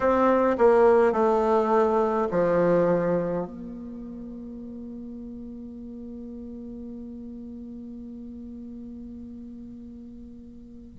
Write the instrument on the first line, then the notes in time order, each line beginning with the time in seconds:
bassoon
0.00 C4
0.58 A#3
1.12 A3
2.30 F3
3.46 A#3